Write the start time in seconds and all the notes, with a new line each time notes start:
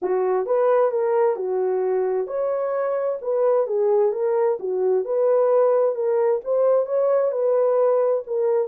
0.01 F#4
0.45 B4
0.91 A#4
1.36 F#4
2.27 C#5
3.21 B4
3.66 G#4
4.12 A#4
4.59 F#4
5.05 B4
5.95 A#4
6.44 C5
6.86 C#5
7.31 B4
8.27 A#4